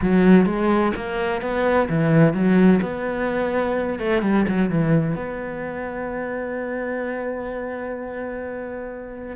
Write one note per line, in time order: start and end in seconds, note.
0.01 0.45 F#3
0.45 0.92 G#3
0.95 1.41 A#3
1.41 1.88 B3
1.89 2.33 E3
2.33 2.80 F#3
2.82 3.99 B3
3.99 4.22 A3
4.22 4.45 G3
4.48 4.69 F#3
4.69 5.15 E3
5.15 9.36 B3